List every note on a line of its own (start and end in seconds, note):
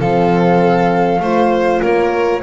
0.00 1.20 F3
0.00 1.22 C4
0.00 1.21 A4
0.00 1.82 F5
1.20 1.80 A3
1.20 2.42 F4
1.20 1.81 C5
1.81 2.42 A#3
1.81 2.42 A#4
1.81 2.42 C#5